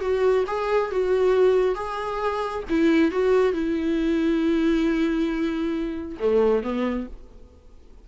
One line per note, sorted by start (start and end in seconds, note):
0.00 0.44 F#4
0.47 0.90 G#4
0.90 1.75 F#4
1.75 2.63 G#4
2.69 3.11 E4
3.11 3.53 F#4
3.53 6.17 E4
6.19 6.63 A3
6.63 7.07 B3